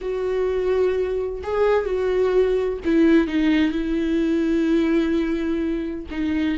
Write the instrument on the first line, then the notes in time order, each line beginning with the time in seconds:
viola
0.01 F#4
1.43 G#4
1.85 F#4
2.84 E4
3.27 D#4
3.71 E4
6.10 D#4